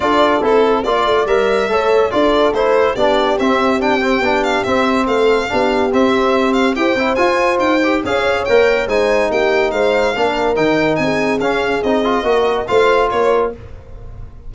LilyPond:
<<
  \new Staff \with { instrumentName = "violin" } { \time 4/4 \tempo 4 = 142 d''4 a'4 d''4 e''4~ | e''4 d''4 c''4 d''4 | e''4 g''4. f''8 e''4 | f''2 e''4. f''8 |
g''4 gis''4 g''4 f''4 | g''4 gis''4 g''4 f''4~ | f''4 g''4 gis''4 f''4 | dis''2 f''4 cis''4 | }
  \new Staff \with { instrumentName = "horn" } { \time 4/4 a'2 d''2 | cis''4 a'2 g'4~ | g'1 | a'4 g'2. |
c''2. cis''4~ | cis''4 c''4 g'4 c''4 | ais'2 gis'2~ | gis'4 ais'4 c''4 ais'4 | }
  \new Staff \with { instrumentName = "trombone" } { \time 4/4 f'4 e'4 f'4 ais'4 | a'4 f'4 e'4 d'4 | c'4 d'8 c'8 d'4 c'4~ | c'4 d'4 c'2 |
g'8 e'8 f'4. g'8 gis'4 | ais'4 dis'2. | d'4 dis'2 cis'4 | dis'8 f'8 fis'4 f'2 | }
  \new Staff \with { instrumentName = "tuba" } { \time 4/4 d'4 c'4 ais8 a8 g4 | a4 d'4 a4 b4 | c'2 b4 c'4 | a4 b4 c'2 |
e'8 c'8 f'4 dis'4 cis'4 | ais4 gis4 ais4 gis4 | ais4 dis4 c'4 cis'4 | c'4 ais4 a4 ais4 | }
>>